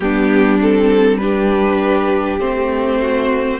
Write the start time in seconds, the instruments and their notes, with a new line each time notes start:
0.00 cello G3, viola B3, violin D4 G4
0.60 viola C4, violin A4
1.17 viola D4, violin G4 B4
2.39 cello A3, viola C4, violin C5
3.00 violin F#4